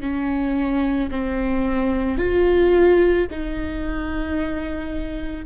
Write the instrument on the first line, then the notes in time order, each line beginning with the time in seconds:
viola
0.00 C#4
1.11 C4
2.18 F4
3.30 D#4